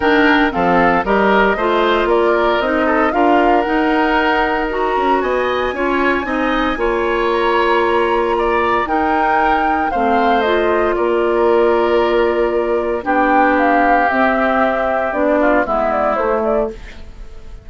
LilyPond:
<<
  \new Staff \with { instrumentName = "flute" } { \time 4/4 \tempo 4 = 115 g''4 f''4 dis''2 | d''4 dis''4 f''4 fis''4~ | fis''4 ais''4 gis''2~ | gis''2 ais''2~ |
ais''4 g''2 f''4 | dis''4 d''2.~ | d''4 g''4 f''4 e''4~ | e''4 d''4 e''8 d''8 c''8 d''8 | }
  \new Staff \with { instrumentName = "oboe" } { \time 4/4 ais'4 a'4 ais'4 c''4 | ais'4. a'8 ais'2~ | ais'2 dis''4 cis''4 | dis''4 cis''2. |
d''4 ais'2 c''4~ | c''4 ais'2.~ | ais'4 g'2.~ | g'4. f'8 e'2 | }
  \new Staff \with { instrumentName = "clarinet" } { \time 4/4 d'4 c'4 g'4 f'4~ | f'4 dis'4 f'4 dis'4~ | dis'4 fis'2 f'4 | dis'4 f'2.~ |
f'4 dis'2 c'4 | f'1~ | f'4 d'2 c'4~ | c'4 d'4 b4 a4 | }
  \new Staff \with { instrumentName = "bassoon" } { \time 4/4 dis4 f4 g4 a4 | ais4 c'4 d'4 dis'4~ | dis'4. cis'8 b4 cis'4 | c'4 ais2.~ |
ais4 dis'2 a4~ | a4 ais2.~ | ais4 b2 c'4~ | c'4 b4 gis4 a4 | }
>>